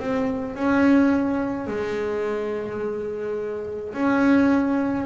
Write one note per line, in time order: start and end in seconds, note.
0.00 0.56 C4
0.56 1.68 C#4
1.68 3.94 G#3
3.94 5.06 C#4